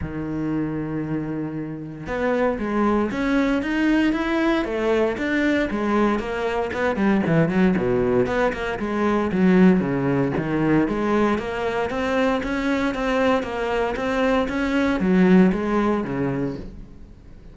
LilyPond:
\new Staff \with { instrumentName = "cello" } { \time 4/4 \tempo 4 = 116 dis1 | b4 gis4 cis'4 dis'4 | e'4 a4 d'4 gis4 | ais4 b8 g8 e8 fis8 b,4 |
b8 ais8 gis4 fis4 cis4 | dis4 gis4 ais4 c'4 | cis'4 c'4 ais4 c'4 | cis'4 fis4 gis4 cis4 | }